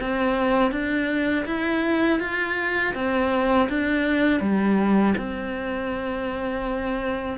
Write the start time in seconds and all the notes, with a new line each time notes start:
0.00 C4
0.71 D4
1.46 E4
2.20 F4
2.94 C4
3.69 D4
4.40 G3
5.17 C4